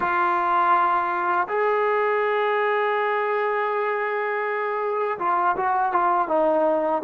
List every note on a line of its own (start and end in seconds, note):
0.00 1.47 F4
1.48 5.18 G#4
5.19 5.56 F4
5.56 5.92 F#4
5.92 6.28 F4
6.28 7.02 D#4